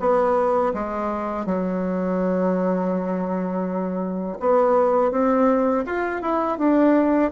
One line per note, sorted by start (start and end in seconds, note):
0.00 0.73 B3
0.74 1.46 G#3
1.46 4.38 F#3
4.40 5.11 B3
5.11 5.84 C4
5.86 6.22 F4
6.22 6.58 E4
6.58 7.31 D4